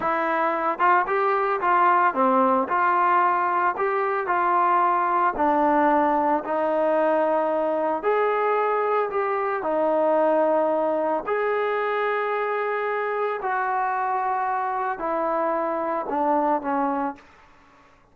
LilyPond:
\new Staff \with { instrumentName = "trombone" } { \time 4/4 \tempo 4 = 112 e'4. f'8 g'4 f'4 | c'4 f'2 g'4 | f'2 d'2 | dis'2. gis'4~ |
gis'4 g'4 dis'2~ | dis'4 gis'2.~ | gis'4 fis'2. | e'2 d'4 cis'4 | }